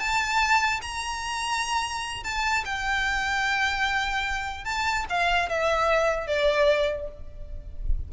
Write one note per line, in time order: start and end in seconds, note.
0.00 0.81 A5
0.82 2.24 A#5
2.24 2.65 A5
2.65 4.65 G5
4.65 5.06 A5
5.10 5.49 F5
5.49 6.28 E5
6.28 7.09 D5